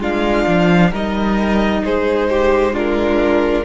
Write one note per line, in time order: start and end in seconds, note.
0.00 0.46 G#3
0.00 0.92 D4
0.00 0.91 F4
0.00 0.93 F5
0.47 0.92 F3
0.91 1.83 G3
0.91 2.73 D#4
0.91 1.82 A#4
0.91 1.85 D#5
1.85 3.65 G#3
1.85 2.30 G#4
1.85 2.76 C5
2.30 2.73 G4
2.73 3.64 D4
2.73 3.64 F4
2.73 3.65 A#4